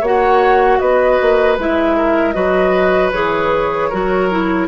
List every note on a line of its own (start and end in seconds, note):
0.00 0.79 A#3
0.00 1.59 F#4
0.00 0.78 C#5
0.00 0.79 F#5
0.79 1.18 B3
0.79 1.96 B4
0.79 1.57 D#5
1.21 1.57 A#3
1.57 2.35 G#3
1.57 2.34 E4
1.57 2.32 E5
1.96 2.35 A#4
2.32 3.13 F#3
2.32 3.12 F#4
2.32 3.89 B4
2.32 3.10 D#5
3.12 3.91 E3
3.12 3.91 G#4
3.12 4.67 C#5
3.89 4.68 F#3
3.89 4.31 F#4
3.89 4.67 A#4
4.31 4.68 E4